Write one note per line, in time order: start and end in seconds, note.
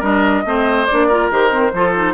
0.00 0.44 G3
0.00 0.45 D4
0.00 0.43 A#4
0.00 0.87 D#5
0.45 0.88 A3
0.45 0.87 C4
0.45 1.08 C5
0.87 1.11 D4
0.87 1.29 D5
0.93 1.30 A#3
1.08 1.31 F4
1.08 1.72 A#4
1.30 1.73 D#3
1.30 1.50 G4
1.30 2.14 C5
1.50 1.72 C4
1.73 2.14 F3
1.73 1.95 F4
1.73 2.14 A4
1.95 2.14 D#4